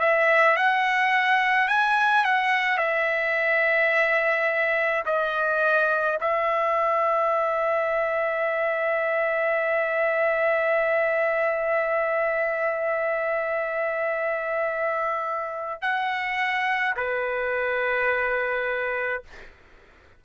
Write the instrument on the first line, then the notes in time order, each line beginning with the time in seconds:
trumpet
0.00 E5
0.57 F#5
1.69 G#5
2.25 F#5
2.78 E5
5.06 D#5
6.21 E5
15.82 F#5
16.97 B4